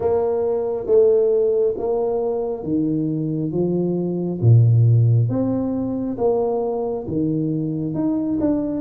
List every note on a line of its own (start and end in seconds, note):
0.00 0.86 A#3
0.86 1.74 A3
1.77 2.63 A#3
2.63 3.51 D#3
3.51 4.40 F3
4.41 5.29 A#2
5.29 6.17 C4
6.17 7.05 A#3
7.07 7.94 D#3
7.94 8.38 D#4
8.40 8.81 D4